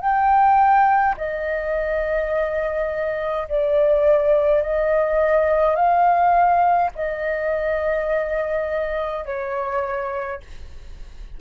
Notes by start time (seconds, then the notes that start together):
0.00 G5
1.17 D#5
3.48 D5
4.62 D#5
5.75 F5
6.95 D#5
9.25 C#5